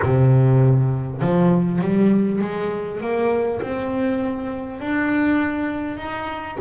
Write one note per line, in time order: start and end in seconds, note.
0.02 1.21 C3
1.21 1.81 F3
1.81 2.41 G3
2.41 3.01 G#3
3.01 3.61 A#3
3.61 4.79 C4
4.79 5.97 D4
5.97 6.57 D#4